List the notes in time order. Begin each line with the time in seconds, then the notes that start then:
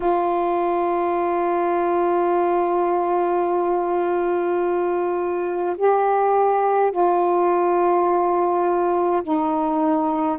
0.00 F4
5.77 G4
6.91 F4
9.23 D#4